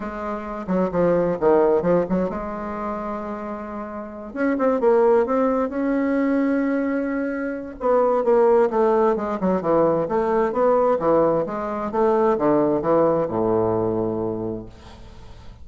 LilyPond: \new Staff \with { instrumentName = "bassoon" } { \time 4/4 \tempo 4 = 131 gis4. fis8 f4 dis4 | f8 fis8 gis2.~ | gis4. cis'8 c'8 ais4 c'8~ | c'8 cis'2.~ cis'8~ |
cis'4 b4 ais4 a4 | gis8 fis8 e4 a4 b4 | e4 gis4 a4 d4 | e4 a,2. | }